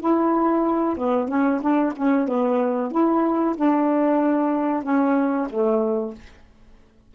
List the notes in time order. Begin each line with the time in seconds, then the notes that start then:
0.00 E4
0.97 B3
1.28 C#4
1.61 D4
1.96 C#4
2.28 B3
2.91 E4
3.56 D4
4.83 C#4
5.50 A3